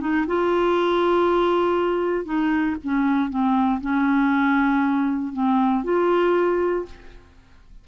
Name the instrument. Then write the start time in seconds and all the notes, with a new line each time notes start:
clarinet
0.00 D#4
0.27 F4
2.25 D#4
2.83 C#4
3.30 C4
3.81 C#4
5.33 C4
5.84 F4